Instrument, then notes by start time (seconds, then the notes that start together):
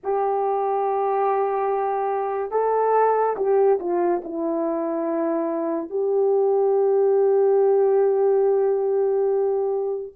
horn
0.03 G4
2.51 A4
3.36 G4
3.79 F4
4.24 E4
5.89 G4